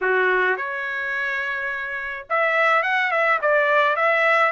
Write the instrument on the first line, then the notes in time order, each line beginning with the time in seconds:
trumpet
0.01 F#4
0.57 C#5
2.29 E5
2.82 F#5
3.11 E5
3.41 D5
3.96 E5